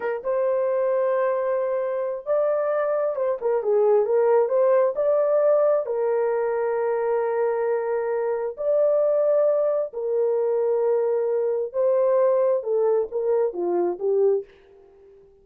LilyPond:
\new Staff \with { instrumentName = "horn" } { \time 4/4 \tempo 4 = 133 ais'8 c''2.~ c''8~ | c''4 d''2 c''8 ais'8 | gis'4 ais'4 c''4 d''4~ | d''4 ais'2.~ |
ais'2. d''4~ | d''2 ais'2~ | ais'2 c''2 | a'4 ais'4 f'4 g'4 | }